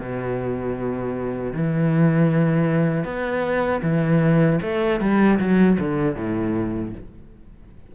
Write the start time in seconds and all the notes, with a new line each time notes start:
0.00 B2
1.53 E3
3.05 B3
3.83 E3
4.62 A3
5.01 G3
5.40 F#3
5.80 D3
6.15 A2